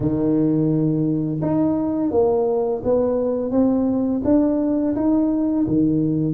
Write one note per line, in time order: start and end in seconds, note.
0.00 1.40 D#3
1.41 2.11 D#4
2.11 2.81 A#3
2.84 3.51 B3
3.51 4.21 C4
4.24 4.95 D4
4.95 5.66 D#4
5.67 6.34 D#3